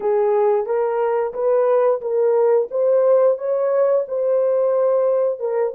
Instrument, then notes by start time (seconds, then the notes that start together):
horn
0.00 G#4
0.66 A#4
1.33 B4
2.01 A#4
2.70 C5
3.37 C#5
4.08 C5
5.39 A#4